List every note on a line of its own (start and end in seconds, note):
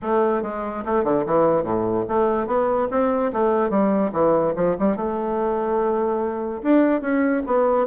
0.02 0.42 A3
0.42 0.84 G#3
0.85 1.04 A3
1.04 1.24 D3
1.26 1.63 E3
1.63 2.04 A2
2.08 2.46 A3
2.46 2.88 B3
2.90 3.32 C4
3.32 3.69 A3
3.69 4.11 G3
4.12 4.53 E3
4.55 4.76 F3
4.79 4.96 G3
4.96 6.62 A3
6.62 7.01 D4
7.01 7.42 C#4
7.46 7.86 B3